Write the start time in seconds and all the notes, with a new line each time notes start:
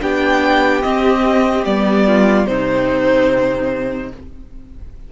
0.00 B3 D4 G4 G5
0.82 C4 D#5
1.64 G3 B3 D5
2.07 F4
2.46 C3 C4 D#4 C5